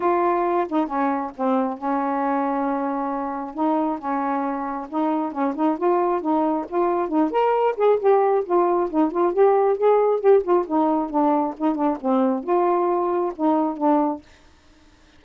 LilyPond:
\new Staff \with { instrumentName = "saxophone" } { \time 4/4 \tempo 4 = 135 f'4. dis'8 cis'4 c'4 | cis'1 | dis'4 cis'2 dis'4 | cis'8 dis'8 f'4 dis'4 f'4 |
dis'8 ais'4 gis'8 g'4 f'4 | dis'8 f'8 g'4 gis'4 g'8 f'8 | dis'4 d'4 dis'8 d'8 c'4 | f'2 dis'4 d'4 | }